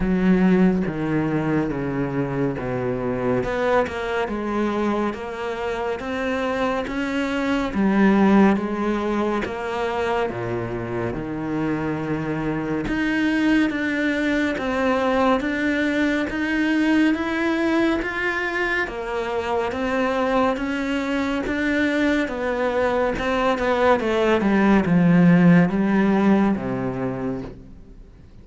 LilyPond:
\new Staff \with { instrumentName = "cello" } { \time 4/4 \tempo 4 = 70 fis4 dis4 cis4 b,4 | b8 ais8 gis4 ais4 c'4 | cis'4 g4 gis4 ais4 | ais,4 dis2 dis'4 |
d'4 c'4 d'4 dis'4 | e'4 f'4 ais4 c'4 | cis'4 d'4 b4 c'8 b8 | a8 g8 f4 g4 c4 | }